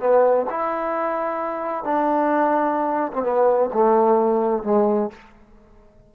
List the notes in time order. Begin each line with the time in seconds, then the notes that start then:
0.00 B3
0.50 E4
1.84 D4
3.14 C4
3.23 B3
3.74 A3
4.64 G#3